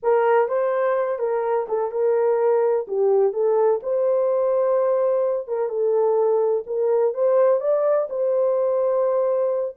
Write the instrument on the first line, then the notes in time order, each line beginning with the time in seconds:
horn
0.03 A#4
0.48 C5
1.18 A#4
1.68 A4
1.91 A#4
2.87 G4
3.32 A4
3.82 C5
5.47 A#4
5.68 A4
6.66 A#4
7.13 C5
7.60 D5
8.09 C5